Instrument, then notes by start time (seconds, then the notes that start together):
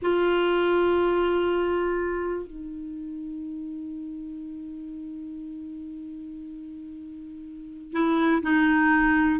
clarinet
0.02 F4
2.47 D#4
7.92 E4
8.42 D#4